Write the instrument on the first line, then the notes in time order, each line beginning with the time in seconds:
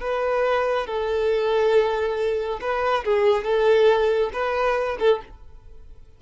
violin
0.00 B4
0.86 A4
2.61 B4
3.04 G#4
3.44 A4
4.32 B4
4.99 A4